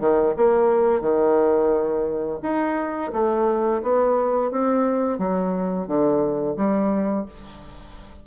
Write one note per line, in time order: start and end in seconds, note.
0.00 0.34 D#3
0.36 1.01 A#3
1.01 2.39 D#3
2.42 3.11 D#4
3.13 3.82 A3
3.82 4.51 B3
4.51 5.18 C4
5.18 5.87 F#3
5.87 6.56 D3
6.56 7.25 G3